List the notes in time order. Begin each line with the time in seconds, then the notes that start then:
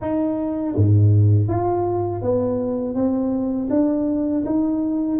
0.01 D#4
0.75 G#2
1.48 F4
2.22 B3
2.94 C4
3.70 D4
4.45 D#4